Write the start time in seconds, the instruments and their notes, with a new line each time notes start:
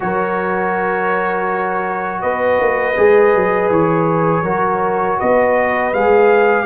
0.00 tuba F#3, trombone F#4, horn A#4, trumpet C#5
2.21 tuba B3, horn B4, trumpet D#5
2.59 tuba A#3
2.96 tuba G#3, trombone G#4
3.34 tuba F#3
3.70 tuba E3, trumpet C#5
4.42 tuba F#3, trombone F#4, horn A#4
5.19 tuba B3, horn B4, trumpet D#5
5.93 tuba G#3, trombone G#4, trumpet F5